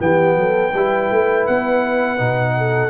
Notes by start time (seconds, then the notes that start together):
0.00 E3 B3 G4 G5
0.37 F#3 A4
0.71 G3 E4 B4
1.11 A3
1.47 B3 F#5
2.18 B2 D#4
2.58 A4